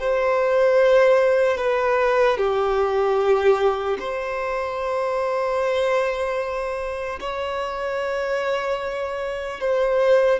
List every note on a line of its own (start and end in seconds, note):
0.00 1.58 C5
1.58 2.38 B4
2.38 3.98 G4
4.00 7.20 C5
7.21 9.60 C#5
9.60 10.40 C5